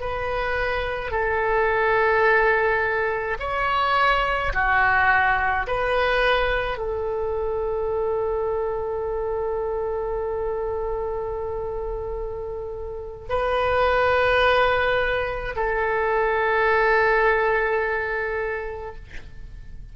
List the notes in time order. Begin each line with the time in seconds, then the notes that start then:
0.00 B4
1.11 A4
3.39 C#5
4.53 F#4
5.67 B4
6.77 A4
13.29 B4
15.56 A4